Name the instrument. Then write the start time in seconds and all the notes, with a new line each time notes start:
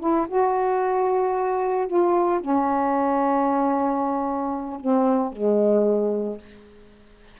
saxophone
0.00 E4
0.28 F#4
1.87 F4
2.40 C#4
4.80 C4
5.32 G#3